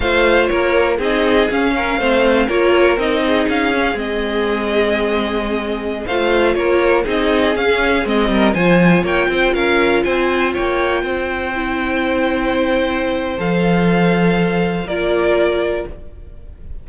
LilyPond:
<<
  \new Staff \with { instrumentName = "violin" } { \time 4/4 \tempo 4 = 121 f''4 cis''4 dis''4 f''4~ | f''4 cis''4 dis''4 f''4 | dis''1~ | dis''16 f''4 cis''4 dis''4 f''8.~ |
f''16 dis''4 gis''4 g''4 f''8.~ | f''16 gis''4 g''2~ g''8.~ | g''2. f''4~ | f''2 d''2 | }
  \new Staff \with { instrumentName = "violin" } { \time 4/4 c''4 ais'4 gis'4. ais'8 | c''4 ais'4. gis'4.~ | gis'1~ | gis'16 c''4 ais'4 gis'4.~ gis'16~ |
gis'8. ais'8 c''4 cis''8 c''8 ais'8.~ | ais'16 c''4 cis''4 c''4.~ c''16~ | c''1~ | c''2 ais'2 | }
  \new Staff \with { instrumentName = "viola" } { \time 4/4 f'2 dis'4 cis'4 | c'4 f'4 dis'4. cis'8 | c'1~ | c'16 f'2 dis'4 cis'8.~ |
cis'16 c'4 f'2~ f'8.~ | f'2.~ f'16 e'8.~ | e'2. a'4~ | a'2 f'2 | }
  \new Staff \with { instrumentName = "cello" } { \time 4/4 a4 ais4 c'4 cis'4 | a4 ais4 c'4 cis'4 | gis1~ | gis16 a4 ais4 c'4 cis'8.~ |
cis'16 gis8 g8 f4 ais8 c'8 cis'8.~ | cis'16 c'4 ais4 c'4.~ c'16~ | c'2. f4~ | f2 ais2 | }
>>